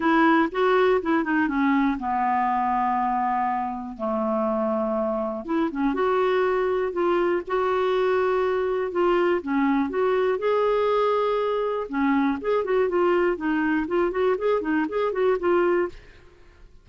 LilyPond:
\new Staff \with { instrumentName = "clarinet" } { \time 4/4 \tempo 4 = 121 e'4 fis'4 e'8 dis'8 cis'4 | b1 | a2. e'8 cis'8 | fis'2 f'4 fis'4~ |
fis'2 f'4 cis'4 | fis'4 gis'2. | cis'4 gis'8 fis'8 f'4 dis'4 | f'8 fis'8 gis'8 dis'8 gis'8 fis'8 f'4 | }